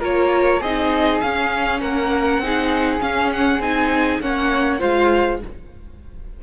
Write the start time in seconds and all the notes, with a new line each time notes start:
0.00 A#3 F4 A#4 C#5
0.60 C4 D#4 G#4 D#5
1.21 C#4 F5
1.81 A#3 A#4 F#5
2.39 C4 D#4 G#4
3.00 C#4 F5
3.33 F#5
3.60 C4 D#4 G#5
4.21 A#3 C#4 C#5 F#5
4.79 G#3 F4 C5 F5